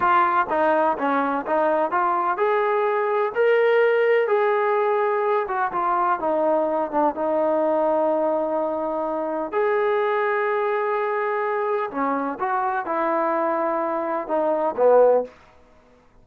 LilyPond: \new Staff \with { instrumentName = "trombone" } { \time 4/4 \tempo 4 = 126 f'4 dis'4 cis'4 dis'4 | f'4 gis'2 ais'4~ | ais'4 gis'2~ gis'8 fis'8 | f'4 dis'4. d'8 dis'4~ |
dis'1 | gis'1~ | gis'4 cis'4 fis'4 e'4~ | e'2 dis'4 b4 | }